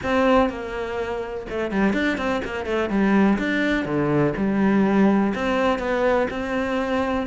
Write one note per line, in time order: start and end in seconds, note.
0.03 0.49 C4
0.49 1.46 A#3
1.49 1.71 A3
1.71 1.93 G3
1.93 2.17 D4
2.17 2.41 C4
2.44 2.65 A#3
2.65 2.89 A3
2.89 3.38 G3
3.38 3.85 D4
3.85 4.33 D3
4.36 5.33 G3
5.34 5.78 C4
5.78 6.27 B3
6.30 7.26 C4